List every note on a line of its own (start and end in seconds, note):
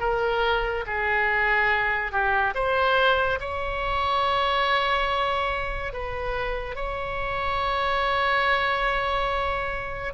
0.00 0.85 A#4
0.86 2.12 G#4
2.12 2.54 G4
2.55 3.39 C5
3.40 5.93 C#5
5.93 6.75 B4
6.75 10.13 C#5